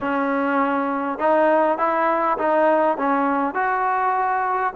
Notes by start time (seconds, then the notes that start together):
0.00 C#4
1.19 D#4
1.78 E4
2.38 D#4
2.97 C#4
3.54 F#4